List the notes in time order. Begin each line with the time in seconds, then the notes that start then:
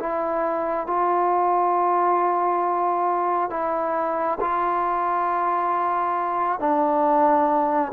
0.00 E4
0.87 F4
3.51 E4
4.41 F4
6.60 D4